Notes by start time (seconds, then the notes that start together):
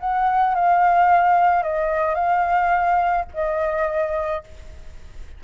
0.00 F#5
0.55 F5
1.63 D#5
2.15 F5
3.33 D#5